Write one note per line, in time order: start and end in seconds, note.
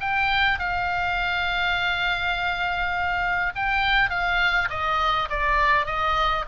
0.00 0.59 G5
0.59 3.53 F5
3.55 4.09 G5
4.09 4.68 F5
4.70 5.28 D#5
5.29 5.86 D5
5.86 6.44 D#5